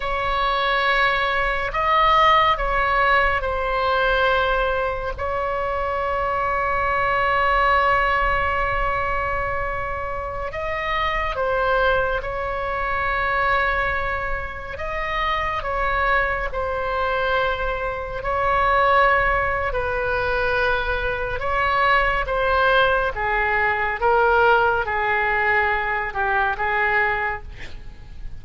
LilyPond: \new Staff \with { instrumentName = "oboe" } { \time 4/4 \tempo 4 = 70 cis''2 dis''4 cis''4 | c''2 cis''2~ | cis''1~ | cis''16 dis''4 c''4 cis''4.~ cis''16~ |
cis''4~ cis''16 dis''4 cis''4 c''8.~ | c''4~ c''16 cis''4.~ cis''16 b'4~ | b'4 cis''4 c''4 gis'4 | ais'4 gis'4. g'8 gis'4 | }